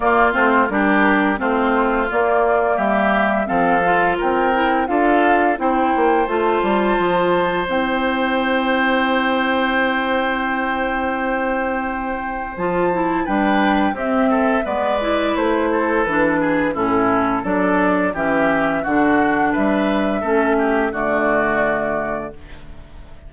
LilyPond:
<<
  \new Staff \with { instrumentName = "flute" } { \time 4/4 \tempo 4 = 86 d''8 c''8 ais'4 c''4 d''4 | e''4 f''4 g''4 f''4 | g''4 a''2 g''4~ | g''1~ |
g''2 a''4 g''4 | e''4 d''4 c''4 b'4 | a'4 d''4 e''4 fis''4 | e''2 d''2 | }
  \new Staff \with { instrumentName = "oboe" } { \time 4/4 f'4 g'4 f'2 | g'4 a'4 ais'4 a'4 | c''1~ | c''1~ |
c''2. b'4 | g'8 a'8 b'4. a'4 gis'8 | e'4 a'4 g'4 fis'4 | b'4 a'8 g'8 fis'2 | }
  \new Staff \with { instrumentName = "clarinet" } { \time 4/4 ais8 c'8 d'4 c'4 ais4~ | ais4 c'8 f'4 e'8 f'4 | e'4 f'2 e'4~ | e'1~ |
e'2 f'8 e'8 d'4 | c'4 b8 e'4. d'4 | cis'4 d'4 cis'4 d'4~ | d'4 cis'4 a2 | }
  \new Staff \with { instrumentName = "bassoon" } { \time 4/4 ais8 a8 g4 a4 ais4 | g4 f4 c'4 d'4 | c'8 ais8 a8 g8 f4 c'4~ | c'1~ |
c'2 f4 g4 | c'4 gis4 a4 e4 | a,4 fis4 e4 d4 | g4 a4 d2 | }
>>